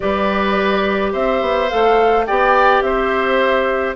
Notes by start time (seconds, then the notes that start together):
0.00 G3 G4 B4 D5
1.12 C4 C5 E5
1.41 B3
1.69 A3 A4 F5
2.26 B3 G4 D5 G5
2.81 C4 C5 E5